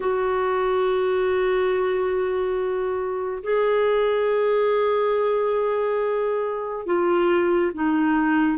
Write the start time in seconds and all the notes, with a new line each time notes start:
0.00 F#4
3.43 G#4
6.86 F4
7.74 D#4